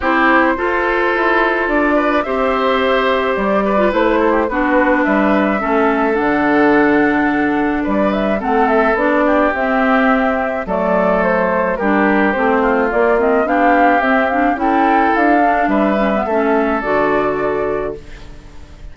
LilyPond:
<<
  \new Staff \with { instrumentName = "flute" } { \time 4/4 \tempo 4 = 107 c''2. d''4 | e''2 d''4 c''4 | b'4 e''2 fis''4~ | fis''2 d''8 e''8 fis''8 e''8 |
d''4 e''2 d''4 | c''4 ais'4 c''4 d''8 dis''8 | f''4 e''8 f''8 g''4 f''4 | e''2 d''2 | }
  \new Staff \with { instrumentName = "oboe" } { \time 4/4 g'4 a'2~ a'8 b'8 | c''2~ c''8 b'4 a'16 g'16 | fis'4 b'4 a'2~ | a'2 b'4 a'4~ |
a'8 g'2~ g'8 a'4~ | a'4 g'4. f'4. | g'2 a'2 | b'4 a'2. | }
  \new Staff \with { instrumentName = "clarinet" } { \time 4/4 e'4 f'2. | g'2~ g'8. f'16 e'4 | d'2 cis'4 d'4~ | d'2. c'4 |
d'4 c'2 a4~ | a4 d'4 c'4 ais8 c'8 | d'4 c'8 d'8 e'4. d'8~ | d'8 cis'16 b16 cis'4 fis'2 | }
  \new Staff \with { instrumentName = "bassoon" } { \time 4/4 c'4 f'4 e'4 d'4 | c'2 g4 a4 | b4 g4 a4 d4~ | d2 g4 a4 |
b4 c'2 fis4~ | fis4 g4 a4 ais4 | b4 c'4 cis'4 d'4 | g4 a4 d2 | }
>>